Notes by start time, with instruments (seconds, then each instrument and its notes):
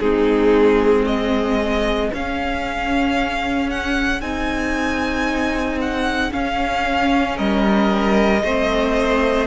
0.00 cello G#3, viola C4, violin D#4 G#4
1.05 violin G#4 D#5
2.13 cello C#4, viola C#4, violin F5
3.70 violin F#5
4.21 cello C4, viola D#4, violin G#5
5.81 violin F#5
6.30 viola C#4, cello C#4, violin F5
7.37 cello G3, violin A#4 D#5
8.44 cello A3, viola C4, violin C5